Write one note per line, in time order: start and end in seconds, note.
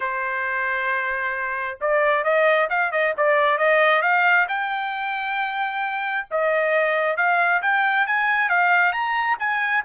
0.00 1.78 C5
1.80 2.23 D5
2.23 2.68 D#5
2.69 2.91 F5
2.91 3.13 D#5
3.17 3.58 D5
3.58 4.02 D#5
4.02 4.47 F5
4.48 6.27 G5
6.30 7.16 D#5
7.16 7.61 F5
7.62 8.06 G5
8.06 8.49 G#5
8.49 8.92 F5
8.92 9.37 A#5
9.39 9.84 G#5